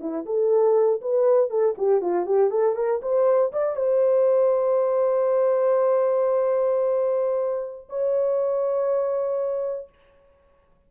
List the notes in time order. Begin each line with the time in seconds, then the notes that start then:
0.00 E4
0.26 A4
1.01 B4
1.50 A4
1.77 G4
2.01 F4
2.26 G4
2.50 A4
2.76 A#4
3.02 C5
3.52 D5
3.76 C5
7.89 C#5